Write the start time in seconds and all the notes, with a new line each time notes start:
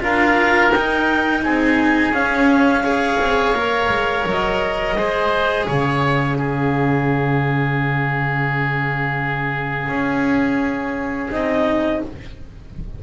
0.00 D4 F4 A#4 F5
0.72 D#4 G5
1.43 C4 G#4 G#5
2.11 C#4 F5
2.84 G#4 C#5
3.20 C4
3.52 A#3 A#4
3.89 G#3
4.26 F#3 D#5
4.95 G#3 G#4 C5
5.65 C#3 C#5 F5
6.36 C#4 G#4
9.89 C#4
11.30 C4 D#4 D#5